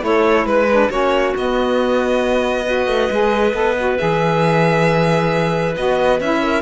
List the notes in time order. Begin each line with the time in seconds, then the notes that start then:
0.00 A3 E4 A4 C#5
0.45 G#3 B4
0.71 D4
0.90 A#3 C#4 F#4 C#5
1.36 B3 D#5
2.64 F#4 B4
2.86 A3
3.10 G#3 G#4
3.52 B3 A4
3.78 F#4
3.97 E3 G#4 E5
5.75 B3 F#4 D#5
6.20 C#4 E4 E5
6.42 A#4